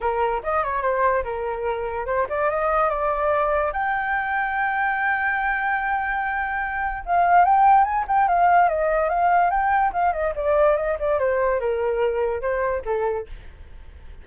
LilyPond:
\new Staff \with { instrumentName = "flute" } { \time 4/4 \tempo 4 = 145 ais'4 dis''8 cis''8 c''4 ais'4~ | ais'4 c''8 d''8 dis''4 d''4~ | d''4 g''2.~ | g''1~ |
g''4 f''4 g''4 gis''8 g''8 | f''4 dis''4 f''4 g''4 | f''8 dis''8 d''4 dis''8 d''8 c''4 | ais'2 c''4 a'4 | }